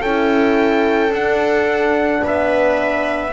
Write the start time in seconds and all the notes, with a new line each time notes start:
0.00 C#4 E4 A4 G5
1.10 D4 F#5
2.23 B3 B4 E5